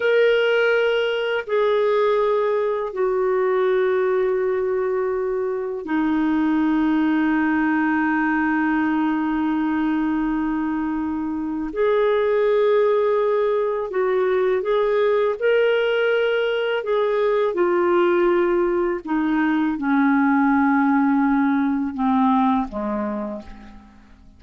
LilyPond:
\new Staff \with { instrumentName = "clarinet" } { \time 4/4 \tempo 4 = 82 ais'2 gis'2 | fis'1 | dis'1~ | dis'1 |
gis'2. fis'4 | gis'4 ais'2 gis'4 | f'2 dis'4 cis'4~ | cis'2 c'4 gis4 | }